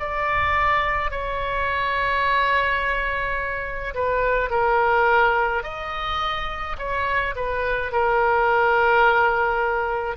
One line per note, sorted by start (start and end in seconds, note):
0.00 1.11 D5
1.11 3.94 C#5
3.95 4.50 B4
4.50 5.63 A#4
5.63 6.77 D#5
6.79 7.35 C#5
7.36 7.92 B4
7.92 10.17 A#4